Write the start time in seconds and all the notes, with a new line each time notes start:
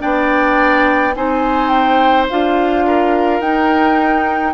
0.00 B3 D4 D5 G5
1.16 C4 D#4 C5 G#5
1.69 G5
2.30 D4 F4 F5
2.87 A#4
3.41 D#4 G5